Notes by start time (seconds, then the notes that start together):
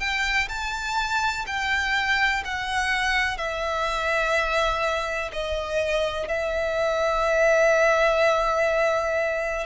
0.00 G5
0.49 A5
1.46 G5
2.45 F#5
3.37 E5
5.33 D#5
6.29 E5